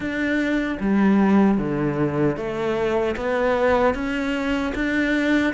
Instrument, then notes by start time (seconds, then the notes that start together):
cello
0.00 D4
0.80 G3
1.58 D3
2.36 A3
3.16 B3
3.94 C#4
4.74 D4